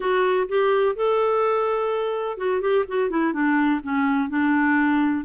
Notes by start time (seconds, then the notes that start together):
0.00 F#4
0.48 G4
0.95 A4
2.37 F#4
2.61 G4
2.87 F#4
3.10 E4
3.33 D4
3.83 C#4
4.29 D4